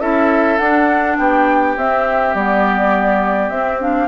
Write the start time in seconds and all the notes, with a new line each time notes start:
0.00 C#4 E4 A4 E5
0.58 D4 F#5
1.17 B3 G4 G5
1.76 C4 E5
2.35 G3 B3 D5
3.49 C4 E5
3.81 D4 F5